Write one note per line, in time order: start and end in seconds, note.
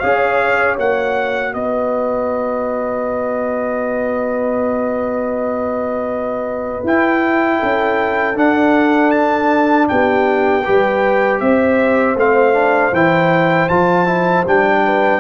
0.00 0.78 C#4
0.00 0.78 G#4
0.00 1.54 C#5
0.00 0.76 F5
0.78 1.54 A#3
0.78 6.86 F#4
0.78 1.54 F#5
1.54 6.84 B3
1.54 7.60 B4
1.54 6.86 D#5
6.84 7.60 E4
6.84 8.35 E4
6.84 8.39 G5
7.60 8.36 C#4
7.60 9.87 A4
8.35 10.63 D4
8.35 9.88 D4
8.35 9.11 F#5
9.11 9.87 A5
9.89 10.68 B3
9.89 10.65 G4
9.89 11.41 G5
10.65 11.41 G3
10.65 12.17 G4
10.65 11.41 B4
11.41 12.16 C4
11.41 14.83 C5
11.41 12.16 E5
12.16 12.92 A3
12.16 12.54 C4
12.16 12.95 F5
12.54 12.92 D4
12.93 13.69 E3
12.93 13.70 E4
12.93 13.69 G5
13.69 14.46 F3
13.69 14.06 F4
13.69 14.45 A5
14.06 14.44 E4
14.46 15.20 G3
14.46 15.20 D4
14.46 15.20 G5
14.85 15.20 B4